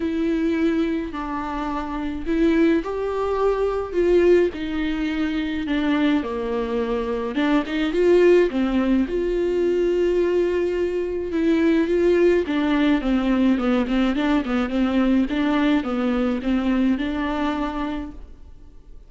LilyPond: \new Staff \with { instrumentName = "viola" } { \time 4/4 \tempo 4 = 106 e'2 d'2 | e'4 g'2 f'4 | dis'2 d'4 ais4~ | ais4 d'8 dis'8 f'4 c'4 |
f'1 | e'4 f'4 d'4 c'4 | b8 c'8 d'8 b8 c'4 d'4 | b4 c'4 d'2 | }